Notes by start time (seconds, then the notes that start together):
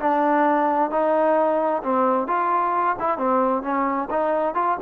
0.00 D4
0.91 D#4
1.83 C4
2.28 F4
3.00 E4
3.18 C4
3.63 C#4
4.11 D#4
4.55 F4